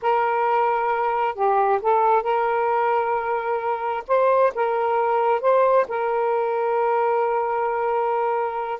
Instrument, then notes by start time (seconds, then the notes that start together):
saxophone
0.01 A#4
1.34 G4
1.82 A4
2.22 A#4
4.07 C5
4.54 A#4
5.40 C5
5.88 A#4